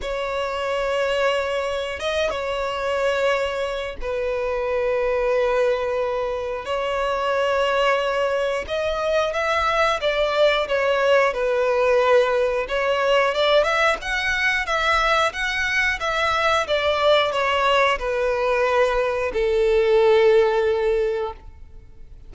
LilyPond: \new Staff \with { instrumentName = "violin" } { \time 4/4 \tempo 4 = 90 cis''2. dis''8 cis''8~ | cis''2 b'2~ | b'2 cis''2~ | cis''4 dis''4 e''4 d''4 |
cis''4 b'2 cis''4 | d''8 e''8 fis''4 e''4 fis''4 | e''4 d''4 cis''4 b'4~ | b'4 a'2. | }